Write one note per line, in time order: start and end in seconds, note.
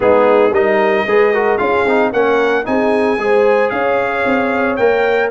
0.00 0.51 G#3
0.00 0.51 B3
0.00 0.53 D#4
0.00 0.53 G#4
0.51 1.04 G3
0.51 1.07 D#4
0.51 1.06 A#4
0.51 1.57 D#5
1.06 1.59 G#3
1.06 1.33 G#4
1.06 1.33 B4
1.33 1.58 F#4
1.33 1.58 A#4
1.57 1.85 C#4
1.57 1.85 F4
1.57 2.11 G#4
1.57 2.10 F5
1.85 2.12 C4
1.85 2.13 D#4
2.12 2.65 A#3
2.12 2.64 C#4
2.12 2.65 A#4
2.12 2.65 F#5
2.64 3.17 C4
2.64 3.17 D#4
2.64 3.21 G#4
2.64 3.69 G#5
3.17 3.71 G#3
3.17 4.78 G#4
3.17 3.72 C5
3.69 4.24 C#4
3.69 5.30 C#5
3.69 4.76 F5
4.25 4.78 C4
4.76 5.30 A#3
4.76 5.30 A#4
4.76 5.29 G5